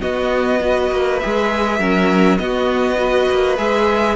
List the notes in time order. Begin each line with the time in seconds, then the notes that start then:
0.00 B3 F#4 D#5
0.59 F#4 B4
0.91 A#3
1.19 G#3 G#4 E5
1.79 F#3 C#4 A#4
2.38 B3 F#4 D#5
2.96 F#4 B4
3.31 A#3
3.57 G#3 G#4 E5